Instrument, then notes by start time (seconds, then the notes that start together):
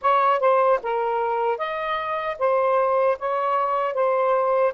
saxophone
0.01 C#5
0.39 C5
0.82 A#4
1.58 D#5
2.38 C5
3.19 C#5
3.94 C5